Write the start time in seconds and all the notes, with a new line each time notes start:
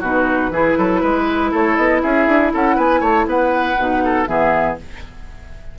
0.00 B2 D#4 F#4 B4
0.50 E3 E4 G#4
0.78 F#3 A4
1.01 G#3 B4
1.51 A3 A4 C#5
1.76 B3 D#5
2.02 C#4 G#4 E5
2.27 D4
2.53 C#4 A4 F#5
2.75 B3 B4 G#5
3.00 A3 C#5 A5
3.26 B3 B4 F#5
3.78 B2 D#4
4.04 A4
4.27 E3 B3 G#4 E5